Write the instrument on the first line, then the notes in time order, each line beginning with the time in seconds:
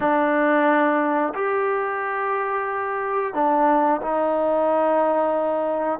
trombone
0.00 D4
1.34 G4
3.34 D4
4.01 D#4